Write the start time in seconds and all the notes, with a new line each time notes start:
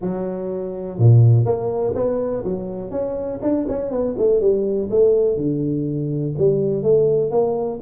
0.01 F#3
0.98 A#2
1.45 A#3
1.95 B3
2.44 F#3
2.90 C#4
3.41 D4
3.68 C#4
3.90 B3
4.18 A3
4.40 G3
4.90 A3
5.36 D3
6.37 G3
6.82 A3
7.31 A#3